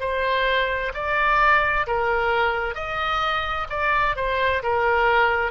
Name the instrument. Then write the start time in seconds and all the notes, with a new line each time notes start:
oboe
0.00 C5
0.94 D5
1.87 A#4
2.75 D#5
3.70 D5
4.16 C5
4.63 A#4